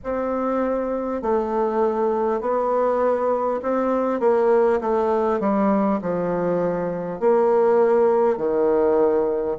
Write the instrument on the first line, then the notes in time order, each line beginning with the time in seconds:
bassoon
0.03 C4
1.22 A3
2.40 B3
3.62 C4
4.20 A#3
4.80 A3
5.39 G3
6.01 F3
7.20 A#3
8.37 D#3